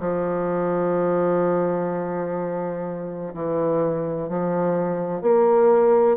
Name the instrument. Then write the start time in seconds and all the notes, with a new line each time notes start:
bassoon
0.00 F3
3.34 E3
4.29 F3
5.22 A#3